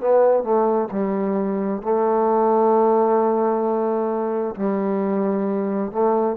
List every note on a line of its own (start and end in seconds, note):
0.00 0.43 B3
0.43 0.88 A3
0.91 1.82 G3
1.82 4.55 A3
4.55 5.91 G3
5.91 6.36 A3